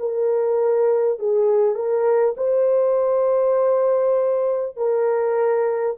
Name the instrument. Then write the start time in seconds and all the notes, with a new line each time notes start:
horn
0.00 A#4
1.19 G#4
1.76 A#4
2.37 C5
4.77 A#4